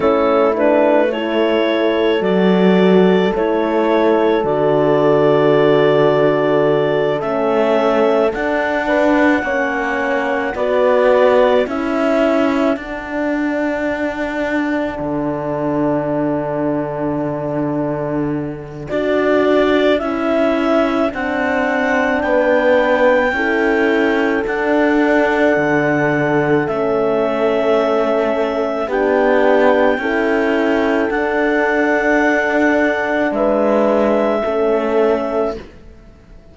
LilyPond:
<<
  \new Staff \with { instrumentName = "clarinet" } { \time 4/4 \tempo 4 = 54 a'8 b'8 cis''4 d''4 cis''4 | d''2~ d''8 e''4 fis''8~ | fis''4. d''4 e''4 fis''8~ | fis''1~ |
fis''4 d''4 e''4 fis''4 | g''2 fis''2 | e''2 g''2 | fis''2 e''2 | }
  \new Staff \with { instrumentName = "horn" } { \time 4/4 e'4 a'2.~ | a'1 | b'8 cis''4 b'4 a'4.~ | a'1~ |
a'1 | b'4 a'2.~ | a'2 g'4 a'4~ | a'2 b'4 a'4 | }
  \new Staff \with { instrumentName = "horn" } { \time 4/4 cis'8 d'8 e'4 fis'4 e'4 | fis'2~ fis'8 cis'4 d'8~ | d'8 cis'4 fis'4 e'4 d'8~ | d'1~ |
d'4 fis'4 e'4 d'4~ | d'4 e'4 d'2 | cis'2 d'4 e'4 | d'2. cis'4 | }
  \new Staff \with { instrumentName = "cello" } { \time 4/4 a2 fis4 a4 | d2~ d8 a4 d'8~ | d'8 ais4 b4 cis'4 d'8~ | d'4. d2~ d8~ |
d4 d'4 cis'4 c'4 | b4 cis'4 d'4 d4 | a2 b4 cis'4 | d'2 gis4 a4 | }
>>